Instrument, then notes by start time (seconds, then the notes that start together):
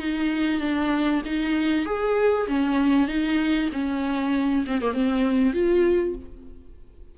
viola
0.00 D#4
0.61 D4
1.26 D#4
1.86 G#4
2.48 C#4
3.08 D#4
3.73 C#4
4.67 C4
4.82 A#3
4.94 C4
5.54 F4